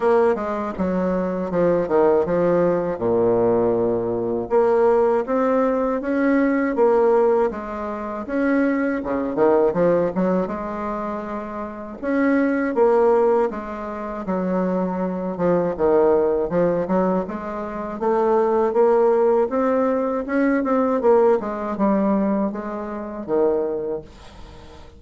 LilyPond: \new Staff \with { instrumentName = "bassoon" } { \time 4/4 \tempo 4 = 80 ais8 gis8 fis4 f8 dis8 f4 | ais,2 ais4 c'4 | cis'4 ais4 gis4 cis'4 | cis8 dis8 f8 fis8 gis2 |
cis'4 ais4 gis4 fis4~ | fis8 f8 dis4 f8 fis8 gis4 | a4 ais4 c'4 cis'8 c'8 | ais8 gis8 g4 gis4 dis4 | }